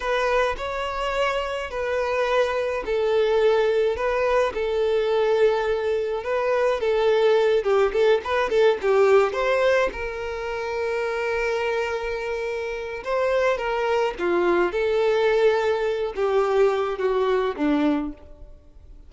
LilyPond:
\new Staff \with { instrumentName = "violin" } { \time 4/4 \tempo 4 = 106 b'4 cis''2 b'4~ | b'4 a'2 b'4 | a'2. b'4 | a'4. g'8 a'8 b'8 a'8 g'8~ |
g'8 c''4 ais'2~ ais'8~ | ais'2. c''4 | ais'4 f'4 a'2~ | a'8 g'4. fis'4 d'4 | }